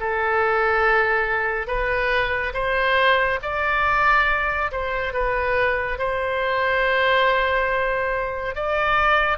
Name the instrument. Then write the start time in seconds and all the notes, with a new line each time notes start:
oboe
0.00 A4
1.67 B4
2.53 C5
3.42 D5
4.71 C5
5.13 B4
5.98 C5
8.55 D5